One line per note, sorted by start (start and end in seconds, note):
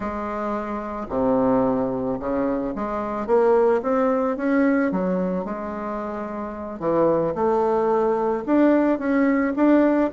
0.00 1.06 G#3
1.09 2.18 C3
2.19 2.74 C#3
2.75 3.26 G#3
3.26 3.81 A#3
3.82 4.36 C4
4.36 4.91 C#4
4.91 5.44 F#3
5.44 6.79 G#3
6.79 7.34 E3
7.35 8.44 A3
8.45 8.99 D4
8.99 9.53 C#4
9.56 10.10 D4